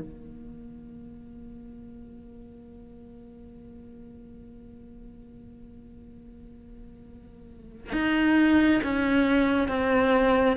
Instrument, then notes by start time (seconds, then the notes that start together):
cello
0.00 A#3
7.93 D#4
8.84 C#4
9.69 C4